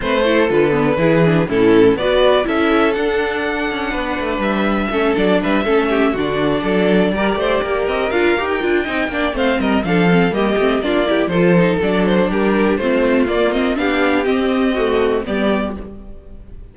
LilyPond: <<
  \new Staff \with { instrumentName = "violin" } { \time 4/4 \tempo 4 = 122 c''4 b'2 a'4 | d''4 e''4 fis''2~ | fis''4 e''4. d''8 e''4~ | e''8 d''2.~ d''8 |
dis''8 f''8. g''4.~ g''16 f''8 dis''8 | f''4 dis''4 d''4 c''4 | d''8 c''8 ais'4 c''4 d''8 dis''8 | f''4 dis''2 d''4 | }
  \new Staff \with { instrumentName = "violin" } { \time 4/4 b'8 a'4. gis'4 e'4 | b'4 a'2. | b'2 a'4 b'8 a'8 | g'8 fis'4 a'4 ais'8 c''8 ais'8~ |
ais'2 dis''8 d''8 c''8 ais'8 | a'4 g'4 f'8 g'8 a'4~ | a'4 g'4 f'2 | g'2 fis'4 g'4 | }
  \new Staff \with { instrumentName = "viola" } { \time 4/4 c'8 e'8 f'8 b8 e'8 d'8 cis'4 | fis'4 e'4 d'2~ | d'2 cis'8 d'4 cis'8~ | cis'8 d'2 g'4.~ |
g'8 f'8 g'8 f'8 dis'8 d'8 c'4 | d'8 c'8 ais8 c'8 d'8 e'8 f'8 dis'8 | d'2 c'4 ais8 c'8 | d'4 c'4 a4 b4 | }
  \new Staff \with { instrumentName = "cello" } { \time 4/4 a4 d4 e4 a,4 | b4 cis'4 d'4. cis'8 | b8 a8 g4 a8 fis8 g8 a8~ | a8 d4 fis4 g8 a8 ais8 |
c'8 d'8 dis'8 d'8 c'8 ais8 a8 g8 | f4 g8 a8 ais4 f4 | fis4 g4 a4 ais4 | b4 c'2 g4 | }
>>